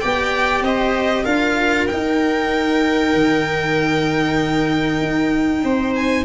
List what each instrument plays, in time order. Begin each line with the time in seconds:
0.00 tuba B3, cello G4, viola D5, violin G5
0.62 tuba C4, viola C5, violin D#5
1.24 tuba D4, cello F4, viola A#4, violin F5
1.87 cello D#4, tuba D#4, violin G5
3.14 tuba D#3
5.01 tuba D#4
5.64 tuba C4, viola C5
5.96 violin G#5